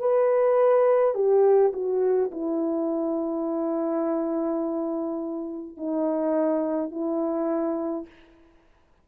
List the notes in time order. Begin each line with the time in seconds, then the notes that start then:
0.00 B4
1.15 G4
1.74 F#4
2.32 E4
5.77 D#4
6.91 E4